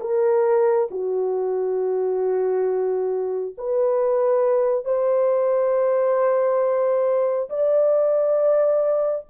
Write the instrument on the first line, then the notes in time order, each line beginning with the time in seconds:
horn
0.00 A#4
0.91 F#4
3.57 B4
4.84 C5
7.50 D5